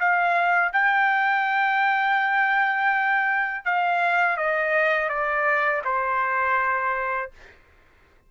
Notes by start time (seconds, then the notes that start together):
0.00 F5
0.73 G5
3.65 F5
4.37 D#5
5.09 D5
5.85 C5